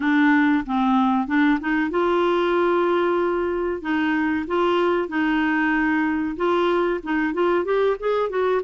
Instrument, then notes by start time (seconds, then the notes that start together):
clarinet
0.00 D4
0.66 C4
1.27 D4
1.60 D#4
1.90 F4
3.82 D#4
4.47 F4
5.08 D#4
6.36 F4
7.03 D#4
7.33 F4
7.64 G4
7.99 G#4
8.29 F#4